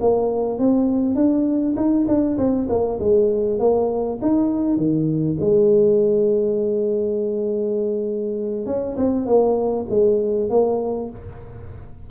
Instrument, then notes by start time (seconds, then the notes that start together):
tuba
0.00 A#3
0.59 C4
1.15 D4
1.76 D#4
2.07 D4
2.37 C4
2.69 A#3
2.99 G#3
3.59 A#3
4.21 D#4
4.76 D#3
5.40 G#3
8.66 C#4
8.96 C4
9.26 A#3
9.89 G#3
10.49 A#3